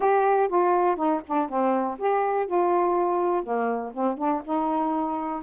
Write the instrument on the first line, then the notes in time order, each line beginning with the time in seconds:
saxophone
0.00 G4
0.48 F4
0.96 D#4
1.27 D4
1.49 C4
1.98 G4
2.46 F4
3.43 A#3
3.93 C4
4.17 D4
4.44 D#4